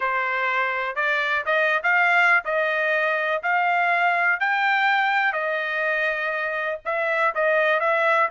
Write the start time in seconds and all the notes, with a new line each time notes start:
0.00 C5
0.95 D5
1.45 D#5
1.83 F5
2.44 D#5
3.42 F5
4.39 G5
5.32 D#5
6.85 E5
7.34 D#5
7.80 E5